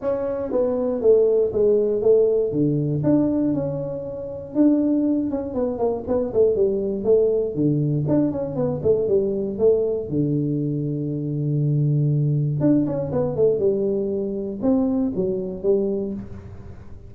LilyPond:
\new Staff \with { instrumentName = "tuba" } { \time 4/4 \tempo 4 = 119 cis'4 b4 a4 gis4 | a4 d4 d'4 cis'4~ | cis'4 d'4. cis'8 b8 ais8 | b8 a8 g4 a4 d4 |
d'8 cis'8 b8 a8 g4 a4 | d1~ | d4 d'8 cis'8 b8 a8 g4~ | g4 c'4 fis4 g4 | }